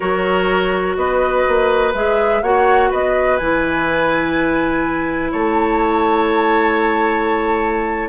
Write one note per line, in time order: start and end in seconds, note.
0.00 0.96 F#3
0.00 1.93 F#4
0.00 0.96 A#4
0.00 0.96 C#5
0.96 1.44 B3
0.96 2.43 B4
0.96 1.93 D#5
1.48 1.94 A#3
1.94 2.42 G#3
1.94 2.43 G#4
1.94 2.42 E5
2.42 2.90 A#3
2.42 3.40 F#4
2.42 2.90 C#5
2.42 2.91 F#5
2.90 3.40 B3
2.90 5.31 B4
2.90 3.37 D#5
3.37 5.33 E3
3.37 8.09 E4
3.37 5.30 G#5
5.31 8.09 A3
5.31 8.09 C#5
5.31 8.09 A5